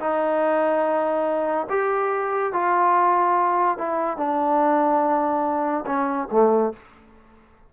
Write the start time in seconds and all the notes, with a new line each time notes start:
0.00 D#4
1.70 G4
2.53 F4
3.79 E4
4.18 D4
5.86 C#4
6.32 A3